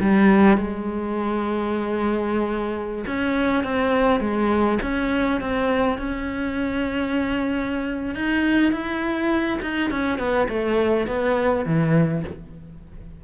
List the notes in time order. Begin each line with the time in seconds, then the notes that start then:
0.00 G3
0.57 G#3
3.07 C#4
3.64 C4
4.20 G#3
4.82 C#4
5.40 C4
5.98 C#4
8.15 D#4
8.72 E4
9.62 D#4
9.91 C#4
10.18 B3
10.49 A3
11.07 B3
11.65 E3